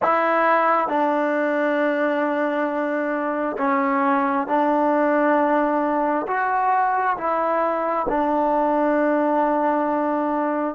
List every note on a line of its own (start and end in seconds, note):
0.02 0.88 E4
0.88 3.56 D4
3.57 4.47 C#4
4.47 6.26 D4
6.27 7.16 F#4
7.16 8.06 E4
8.08 10.75 D4